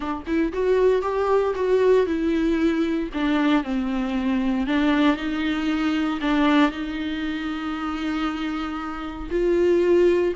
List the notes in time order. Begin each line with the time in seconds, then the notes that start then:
0.00 D4
0.26 E4
0.52 F#4
1.02 G4
1.55 F#4
2.06 E4
3.13 D4
3.63 C4
4.66 D4
5.16 D#4
6.21 D4
6.71 D#4
9.30 F4